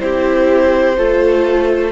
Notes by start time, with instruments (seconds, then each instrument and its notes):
0.00 cello C4, viola E4, violin G4 C5
0.97 cello A3, viola F4, violin A4